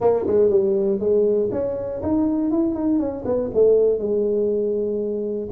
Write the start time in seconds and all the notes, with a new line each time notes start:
0.00 A#3
0.27 G#3
0.50 G3
0.99 G#3
1.51 C#4
2.02 D#4
2.51 E4
2.75 D#4
2.99 C#4
3.25 B3
3.54 A3
3.98 G#3